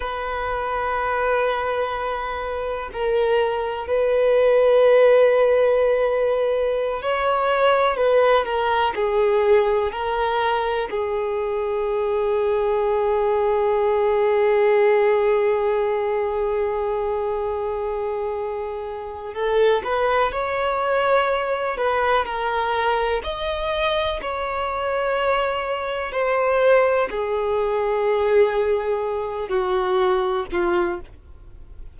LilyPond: \new Staff \with { instrumentName = "violin" } { \time 4/4 \tempo 4 = 62 b'2. ais'4 | b'2.~ b'16 cis''8.~ | cis''16 b'8 ais'8 gis'4 ais'4 gis'8.~ | gis'1~ |
gis'1 | a'8 b'8 cis''4. b'8 ais'4 | dis''4 cis''2 c''4 | gis'2~ gis'8 fis'4 f'8 | }